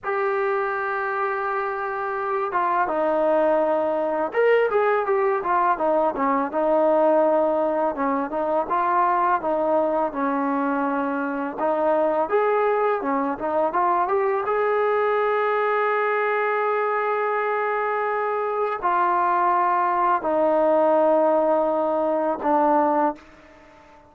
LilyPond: \new Staff \with { instrumentName = "trombone" } { \time 4/4 \tempo 4 = 83 g'2.~ g'8 f'8 | dis'2 ais'8 gis'8 g'8 f'8 | dis'8 cis'8 dis'2 cis'8 dis'8 | f'4 dis'4 cis'2 |
dis'4 gis'4 cis'8 dis'8 f'8 g'8 | gis'1~ | gis'2 f'2 | dis'2. d'4 | }